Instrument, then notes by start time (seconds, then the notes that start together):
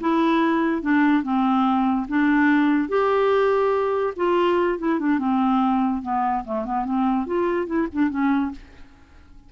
clarinet
0.00 E4
0.81 D4
1.23 C4
2.08 D4
2.88 G4
4.16 F4
4.78 E4
4.99 D4
5.19 C4
6.02 B3
6.44 A3
6.65 B3
6.85 C4
7.26 F4
7.66 E4
7.92 D4
8.09 C#4